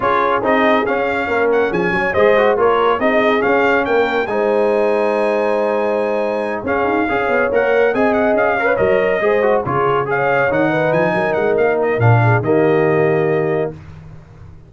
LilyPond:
<<
  \new Staff \with { instrumentName = "trumpet" } { \time 4/4 \tempo 4 = 140 cis''4 dis''4 f''4. fis''8 | gis''4 dis''4 cis''4 dis''4 | f''4 g''4 gis''2~ | gis''2.~ gis''8 f''8~ |
f''4. fis''4 gis''8 fis''8 f''8~ | f''8 dis''2 cis''4 f''8~ | f''8 fis''4 gis''4 fis''8 f''8 dis''8 | f''4 dis''2. | }
  \new Staff \with { instrumentName = "horn" } { \time 4/4 gis'2. ais'4 | gis'8 cis''8 c''4 ais'4 gis'4~ | gis'4 ais'4 c''2~ | c''2.~ c''8 gis'8~ |
gis'8 cis''2 dis''4. | cis''4. c''4 gis'4 cis''8~ | cis''4 b'4 ais'2~ | ais'8 gis'8 g'2. | }
  \new Staff \with { instrumentName = "trombone" } { \time 4/4 f'4 dis'4 cis'2~ | cis'4 gis'8 fis'8 f'4 dis'4 | cis'2 dis'2~ | dis'2.~ dis'8 cis'8~ |
cis'8 gis'4 ais'4 gis'4. | ais'16 b'16 ais'4 gis'8 fis'8 f'4 gis'8~ | gis'8 dis'2.~ dis'8 | d'4 ais2. | }
  \new Staff \with { instrumentName = "tuba" } { \time 4/4 cis'4 c'4 cis'4 ais4 | f8 fis8 gis4 ais4 c'4 | cis'4 ais4 gis2~ | gis2.~ gis8 cis'8 |
dis'8 cis'8 b8 ais4 c'4 cis'8~ | cis'8 fis4 gis4 cis4.~ | cis8 dis4 f8 fis8 gis8 ais4 | ais,4 dis2. | }
>>